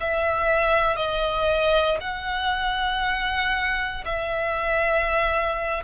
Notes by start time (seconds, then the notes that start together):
0.00 E5
0.96 D#5
2.01 F#5
4.05 E5